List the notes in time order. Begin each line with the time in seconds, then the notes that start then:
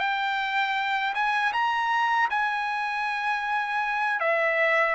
0.00 G5
1.15 G#5
1.53 A#5
2.30 G#5
4.20 E5